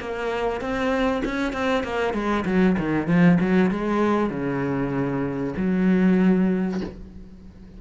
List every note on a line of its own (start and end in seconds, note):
0.00 0.61 A#3
0.61 1.23 C4
1.25 1.53 C#4
1.53 1.84 C4
1.84 2.14 A#3
2.14 2.45 G#3
2.45 2.76 F#3
2.78 3.07 D#3
3.07 3.38 F3
3.40 3.71 F#3
3.71 4.30 G#3
4.30 5.54 C#3
5.57 6.81 F#3